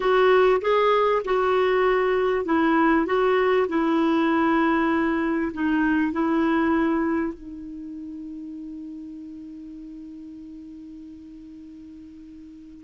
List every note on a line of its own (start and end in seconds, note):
0.00 0.60 F#4
0.61 1.22 G#4
1.24 2.45 F#4
2.45 3.06 E4
3.06 3.67 F#4
3.68 5.52 E4
5.53 6.12 D#4
6.12 7.34 E4
7.34 12.84 D#4